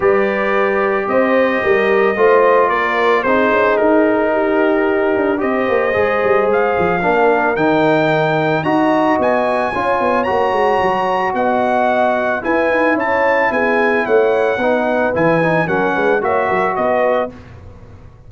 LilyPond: <<
  \new Staff \with { instrumentName = "trumpet" } { \time 4/4 \tempo 4 = 111 d''2 dis''2~ | dis''4 d''4 c''4 ais'4~ | ais'2 dis''2 | f''2 g''2 |
ais''4 gis''2 ais''4~ | ais''4 fis''2 gis''4 | a''4 gis''4 fis''2 | gis''4 fis''4 e''4 dis''4 | }
  \new Staff \with { instrumentName = "horn" } { \time 4/4 b'2 c''4 ais'4 | c''4 ais'4 gis'2 | g'2 c''2~ | c''4 ais'2. |
dis''2 cis''2~ | cis''4 dis''2 b'4 | cis''4 gis'4 cis''4 b'4~ | b'4 ais'8 b'8 cis''8 ais'8 b'4 | }
  \new Staff \with { instrumentName = "trombone" } { \time 4/4 g'1 | f'2 dis'2~ | dis'2 g'4 gis'4~ | gis'4 d'4 dis'2 |
fis'2 f'4 fis'4~ | fis'2. e'4~ | e'2. dis'4 | e'8 dis'8 cis'4 fis'2 | }
  \new Staff \with { instrumentName = "tuba" } { \time 4/4 g2 c'4 g4 | a4 ais4 c'8 cis'8 dis'4~ | dis'4. d'8 c'8 ais8 gis8 g8 | gis8 f8 ais4 dis2 |
dis'4 b4 cis'8 b8 ais8 gis8 | fis4 b2 e'8 dis'8 | cis'4 b4 a4 b4 | e4 fis8 gis8 ais8 fis8 b4 | }
>>